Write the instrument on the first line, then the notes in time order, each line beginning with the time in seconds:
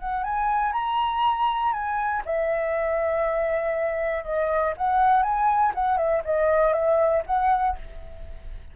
flute
0.00 F#5
0.24 G#5
0.73 A#5
1.73 G#5
2.25 E5
4.25 D#5
4.77 F#5
5.23 G#5
5.75 F#5
5.98 E5
6.25 D#5
6.73 E5
7.26 F#5